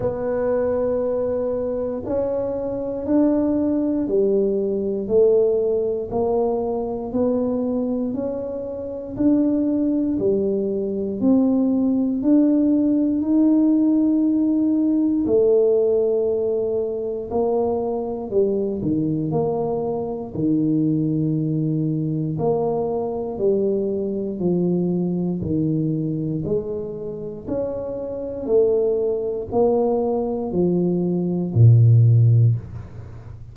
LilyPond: \new Staff \with { instrumentName = "tuba" } { \time 4/4 \tempo 4 = 59 b2 cis'4 d'4 | g4 a4 ais4 b4 | cis'4 d'4 g4 c'4 | d'4 dis'2 a4~ |
a4 ais4 g8 dis8 ais4 | dis2 ais4 g4 | f4 dis4 gis4 cis'4 | a4 ais4 f4 ais,4 | }